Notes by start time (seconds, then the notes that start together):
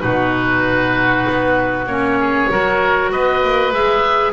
0.00 B2 D#4 F#4 B4
1.29 B3
1.86 A#3 C#4 C#5
2.20 G#4
2.50 F#3 F#4 A#4
3.12 B3 B4 D#5
3.43 A#3
3.72 G#3 G#4 E5